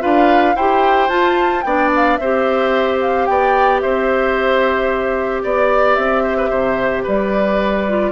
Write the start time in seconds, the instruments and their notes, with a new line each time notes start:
0.00 bassoon D4, clarinet F4, oboe B4, flute F5
0.55 bassoon E4, clarinet G4, oboe C5, flute G5
1.09 bassoon F4, clarinet F4, flute A5
1.62 bassoon B3, clarinet D4, oboe D5, flute G5
1.95 flute F5
2.16 bassoon C4, oboe C5, flute E5
2.23 clarinet G4
3.01 flute F5
3.26 bassoon B3, oboe D5, flute G5
3.80 bassoon C4, oboe C5, flute E5
5.43 bassoon B3, oboe D5, flute D5
5.95 bassoon C4, flute E5
6.23 oboe C5
6.37 oboe B4
6.49 bassoon C3, oboe C5
7.03 bassoon G3, oboe B4, flute D5
7.89 clarinet F4